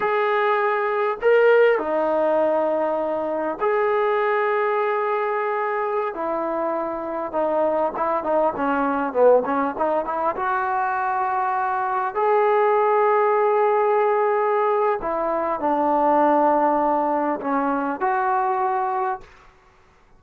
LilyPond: \new Staff \with { instrumentName = "trombone" } { \time 4/4 \tempo 4 = 100 gis'2 ais'4 dis'4~ | dis'2 gis'2~ | gis'2~ gis'16 e'4.~ e'16~ | e'16 dis'4 e'8 dis'8 cis'4 b8 cis'16~ |
cis'16 dis'8 e'8 fis'2~ fis'8.~ | fis'16 gis'2.~ gis'8.~ | gis'4 e'4 d'2~ | d'4 cis'4 fis'2 | }